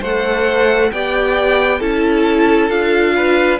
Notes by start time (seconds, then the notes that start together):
0.00 A3 A4 C5 F#5
0.92 B3 G4 D5 G5
1.79 C#4 E4 A4 A5
2.70 D4 F4 F5
3.16 B4